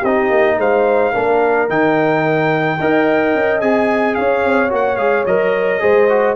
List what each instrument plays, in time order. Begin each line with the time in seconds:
0.00 tuba C4, horn G4, trumpet D#5
0.07 trombone D#4
0.31 tuba A#3
0.58 tuba G#3, horn C5, trumpet F5
1.13 tuba A#3, trombone D4, horn A#4
1.69 tuba D#3, trombone D#4, trumpet G5
2.80 tuba D#4, trombone A#4, horn D#5
3.35 tuba C#4
3.61 tuba C4, trombone G#4, trumpet G#5
4.15 tuba C#4, horn C#5, trumpet F5
4.45 tuba C4
4.69 tuba A#3, trombone F#4, trumpet F#5
4.97 tuba G#3, trombone G#4, trumpet F5
5.26 tuba F#3, trombone A#4, trumpet D#5
5.80 tuba G#3, trombone G#4, horn C5
6.10 trombone F#4